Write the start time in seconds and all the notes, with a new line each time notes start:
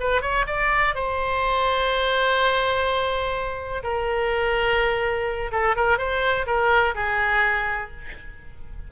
0.00 B4
0.22 C#5
0.47 D5
0.95 C5
3.83 A#4
5.51 A4
5.76 A#4
5.98 C5
6.46 A#4
6.94 G#4